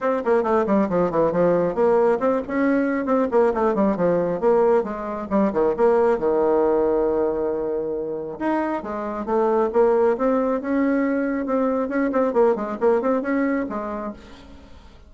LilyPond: \new Staff \with { instrumentName = "bassoon" } { \time 4/4 \tempo 4 = 136 c'8 ais8 a8 g8 f8 e8 f4 | ais4 c'8 cis'4. c'8 ais8 | a8 g8 f4 ais4 gis4 | g8 dis8 ais4 dis2~ |
dis2. dis'4 | gis4 a4 ais4 c'4 | cis'2 c'4 cis'8 c'8 | ais8 gis8 ais8 c'8 cis'4 gis4 | }